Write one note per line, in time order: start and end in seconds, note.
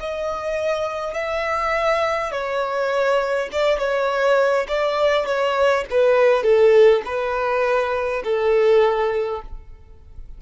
0.00 1.14 D#5
1.14 2.32 E5
2.32 3.49 C#5
3.52 3.78 D5
3.78 4.66 C#5
4.68 5.26 D5
5.26 5.85 C#5
5.90 6.43 B4
6.43 7.02 A4
7.05 8.22 B4
8.24 9.42 A4